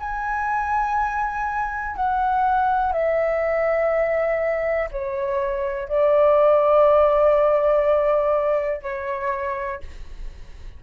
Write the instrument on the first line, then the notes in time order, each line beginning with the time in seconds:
flute
0.00 G#5
1.96 F#5
2.93 E5
4.91 C#5
5.89 D5
8.82 C#5